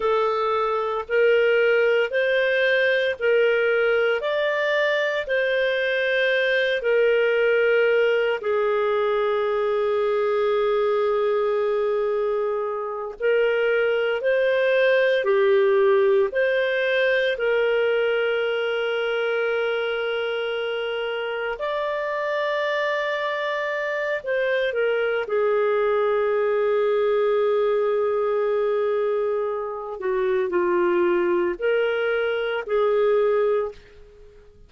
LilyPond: \new Staff \with { instrumentName = "clarinet" } { \time 4/4 \tempo 4 = 57 a'4 ais'4 c''4 ais'4 | d''4 c''4. ais'4. | gis'1~ | gis'8 ais'4 c''4 g'4 c''8~ |
c''8 ais'2.~ ais'8~ | ais'8 d''2~ d''8 c''8 ais'8 | gis'1~ | gis'8 fis'8 f'4 ais'4 gis'4 | }